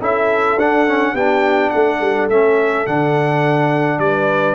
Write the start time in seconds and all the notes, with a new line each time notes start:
0.00 C#4 E4 A4 E5
0.56 D4 F#5
0.87 C#4
1.13 B3 D4 G4 G5
1.70 A3 A4 F#5
2.01 G3
2.29 A3 C#4 E5
2.86 D3 D4 F#5
3.98 G3 B4 D5